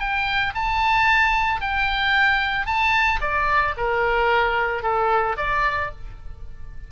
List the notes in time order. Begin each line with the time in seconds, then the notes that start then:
0.00 G5
0.55 A5
1.61 G5
2.67 A5
3.21 D5
3.77 A#4
4.83 A4
5.37 D5